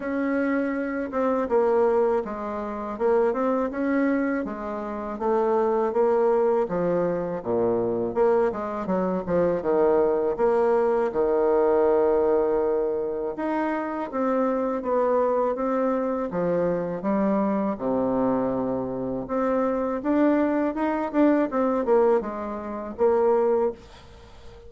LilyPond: \new Staff \with { instrumentName = "bassoon" } { \time 4/4 \tempo 4 = 81 cis'4. c'8 ais4 gis4 | ais8 c'8 cis'4 gis4 a4 | ais4 f4 ais,4 ais8 gis8 | fis8 f8 dis4 ais4 dis4~ |
dis2 dis'4 c'4 | b4 c'4 f4 g4 | c2 c'4 d'4 | dis'8 d'8 c'8 ais8 gis4 ais4 | }